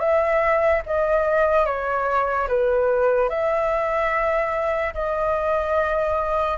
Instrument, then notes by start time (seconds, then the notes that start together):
flute
0.00 E5
0.86 D#5
1.66 C#5
2.48 B4
3.30 E5
4.94 D#5